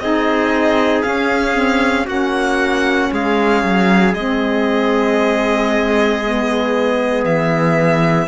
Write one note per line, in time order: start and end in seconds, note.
0.00 1.03 C4
0.00 1.05 D#4
0.00 2.06 G#4
0.00 1.03 D#5
1.03 1.54 C#4
1.03 2.07 C#4
1.03 2.06 F5
1.54 2.06 C4
2.06 3.11 A#3
2.06 4.14 C#4
2.06 3.09 F#4
2.06 3.13 F#5
3.12 3.64 G#3
3.12 8.28 G#4
3.12 4.14 F5
3.64 4.14 F#3
4.14 7.24 G#3
4.14 6.23 C4
4.14 7.24 D#5
6.23 8.28 B3
7.24 8.28 E3
7.24 8.28 E5